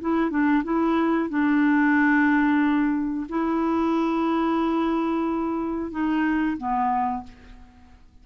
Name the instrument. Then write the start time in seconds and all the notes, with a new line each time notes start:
clarinet
0.00 E4
0.30 D4
0.64 E4
1.29 D4
3.28 E4
5.91 D#4
6.57 B3